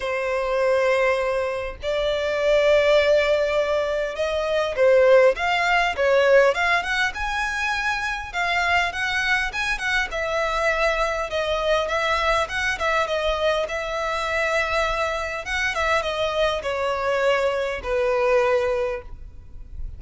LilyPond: \new Staff \with { instrumentName = "violin" } { \time 4/4 \tempo 4 = 101 c''2. d''4~ | d''2. dis''4 | c''4 f''4 cis''4 f''8 fis''8 | gis''2 f''4 fis''4 |
gis''8 fis''8 e''2 dis''4 | e''4 fis''8 e''8 dis''4 e''4~ | e''2 fis''8 e''8 dis''4 | cis''2 b'2 | }